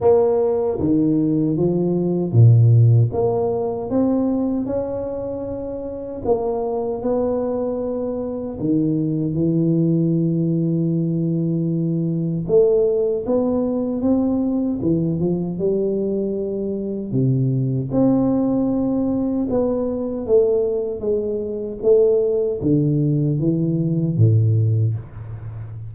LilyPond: \new Staff \with { instrumentName = "tuba" } { \time 4/4 \tempo 4 = 77 ais4 dis4 f4 ais,4 | ais4 c'4 cis'2 | ais4 b2 dis4 | e1 |
a4 b4 c'4 e8 f8 | g2 c4 c'4~ | c'4 b4 a4 gis4 | a4 d4 e4 a,4 | }